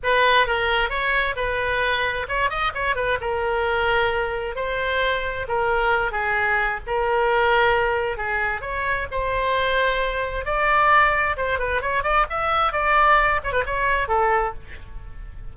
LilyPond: \new Staff \with { instrumentName = "oboe" } { \time 4/4 \tempo 4 = 132 b'4 ais'4 cis''4 b'4~ | b'4 cis''8 dis''8 cis''8 b'8 ais'4~ | ais'2 c''2 | ais'4. gis'4. ais'4~ |
ais'2 gis'4 cis''4 | c''2. d''4~ | d''4 c''8 b'8 cis''8 d''8 e''4 | d''4. cis''16 b'16 cis''4 a'4 | }